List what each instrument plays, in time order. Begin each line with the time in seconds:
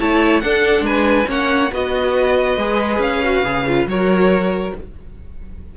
0.00 cello A3, viola E4, violin C#5 A5
0.41 cello D4, viola D4, violin A4 F#5
0.81 cello G#3, violin B4 G#5
1.26 cello A#3, viola C#4, violin C#5 F#5
1.72 cello B3, viola F#4, violin B4 D#5
2.57 cello G#3, viola G#4
2.99 cello C#4, violin F5
3.24 viola F#4
3.44 cello C#3, viola G#4
3.68 viola F4
3.86 cello F#3, viola F#4, violin A#4 C#5